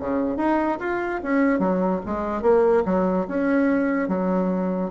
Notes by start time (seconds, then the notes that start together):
0.00 C#3
0.37 D#4
0.80 F4
1.23 C#4
1.59 F#3
2.05 G#3
2.42 A#3
2.85 F#3
3.28 C#4
4.08 F#3